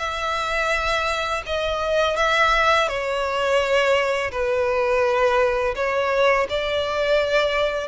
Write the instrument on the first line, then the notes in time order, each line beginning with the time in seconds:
violin
0.00 E5
1.47 D#5
2.17 E5
2.89 C#5
4.32 B4
5.76 C#5
6.50 D5